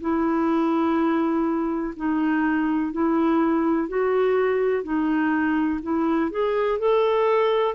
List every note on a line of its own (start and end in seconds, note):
0.00 1.94 E4
1.96 2.92 D#4
2.92 3.88 E4
3.88 4.83 F#4
4.83 5.80 D#4
5.82 6.30 E4
6.30 6.79 G#4
6.79 7.74 A4